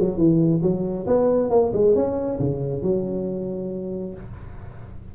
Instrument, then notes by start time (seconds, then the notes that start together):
tuba
0.00 F#3
0.18 E3
0.63 F#3
1.07 B3
1.50 A#3
1.74 G#3
1.95 C#4
2.40 C#3
2.83 F#3